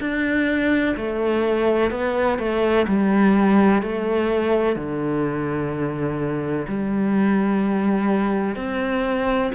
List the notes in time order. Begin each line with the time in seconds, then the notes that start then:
0.00 D4
0.96 A3
1.91 B3
2.38 A3
2.87 G3
3.82 A3
4.75 D3
6.67 G3
8.55 C4